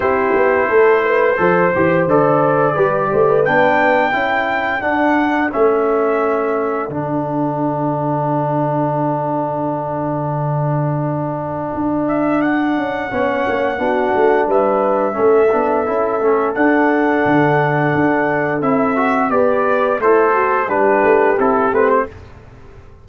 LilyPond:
<<
  \new Staff \with { instrumentName = "trumpet" } { \time 4/4 \tempo 4 = 87 c''2. d''4~ | d''4 g''2 fis''4 | e''2 fis''2~ | fis''1~ |
fis''4. e''8 fis''2~ | fis''4 e''2. | fis''2. e''4 | d''4 c''4 b'4 a'8 b'16 c''16 | }
  \new Staff \with { instrumentName = "horn" } { \time 4/4 g'4 a'8 b'8 c''2 | b'8 c''16 b'4~ b'16 a'2~ | a'1~ | a'1~ |
a'2. cis''4 | fis'4 b'4 a'2~ | a'1 | b'4 e'8 fis'8 g'2 | }
  \new Staff \with { instrumentName = "trombone" } { \time 4/4 e'2 a'8 g'8 a'4 | g'4 d'4 e'4 d'4 | cis'2 d'2~ | d'1~ |
d'2. cis'4 | d'2 cis'8 d'8 e'8 cis'8 | d'2. e'8 fis'8 | g'4 a'4 d'4 e'8 c'8 | }
  \new Staff \with { instrumentName = "tuba" } { \time 4/4 c'8 b8 a4 f8 e8 d4 | g8 a8 b4 cis'4 d'4 | a2 d2~ | d1~ |
d4 d'4. cis'8 b8 ais8 | b8 a8 g4 a8 b8 cis'8 a8 | d'4 d4 d'4 c'4 | b4 a4 g8 a8 c'8 a8 | }
>>